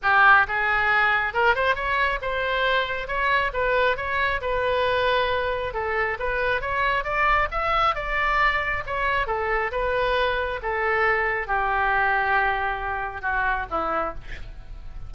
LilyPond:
\new Staff \with { instrumentName = "oboe" } { \time 4/4 \tempo 4 = 136 g'4 gis'2 ais'8 c''8 | cis''4 c''2 cis''4 | b'4 cis''4 b'2~ | b'4 a'4 b'4 cis''4 |
d''4 e''4 d''2 | cis''4 a'4 b'2 | a'2 g'2~ | g'2 fis'4 e'4 | }